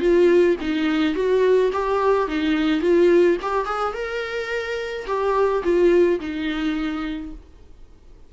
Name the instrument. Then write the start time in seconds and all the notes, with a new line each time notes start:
viola
0.00 F4
0.61 D#4
1.15 F#4
1.73 G4
2.28 D#4
2.81 F4
3.42 G4
3.66 G#4
3.94 A#4
5.06 G4
5.63 F4
6.20 D#4